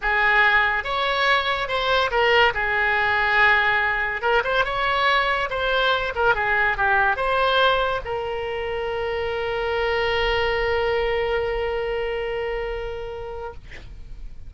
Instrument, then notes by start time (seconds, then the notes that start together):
oboe
0.01 G#4
0.83 C#5
1.68 C5
2.10 A#4
2.54 G#4
4.21 A#4
4.44 C5
4.64 C#5
5.49 C5
6.15 A#4
6.35 G#4
6.77 G4
7.16 C5
8.04 A#4